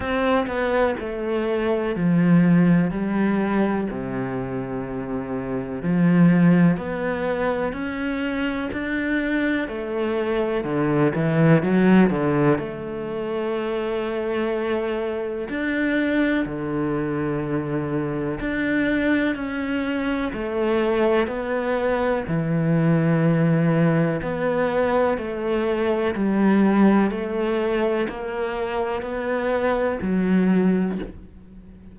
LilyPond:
\new Staff \with { instrumentName = "cello" } { \time 4/4 \tempo 4 = 62 c'8 b8 a4 f4 g4 | c2 f4 b4 | cis'4 d'4 a4 d8 e8 | fis8 d8 a2. |
d'4 d2 d'4 | cis'4 a4 b4 e4~ | e4 b4 a4 g4 | a4 ais4 b4 fis4 | }